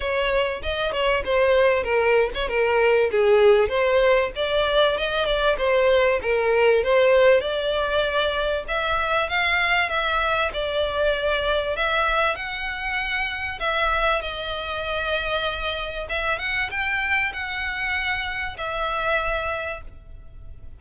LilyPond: \new Staff \with { instrumentName = "violin" } { \time 4/4 \tempo 4 = 97 cis''4 dis''8 cis''8 c''4 ais'8. cis''16 | ais'4 gis'4 c''4 d''4 | dis''8 d''8 c''4 ais'4 c''4 | d''2 e''4 f''4 |
e''4 d''2 e''4 | fis''2 e''4 dis''4~ | dis''2 e''8 fis''8 g''4 | fis''2 e''2 | }